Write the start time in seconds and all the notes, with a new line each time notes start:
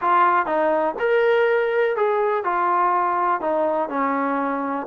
0.01 F4
0.45 D#4
0.99 A#4
1.96 G#4
2.44 F4
3.40 D#4
3.89 C#4